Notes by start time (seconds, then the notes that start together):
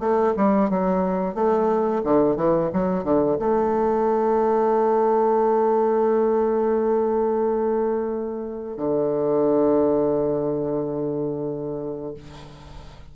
0.00 A3
0.36 G3
0.70 F#3
1.35 A3
2.04 D3
2.36 E3
2.73 F#3
3.04 D3
3.39 A3
8.77 D3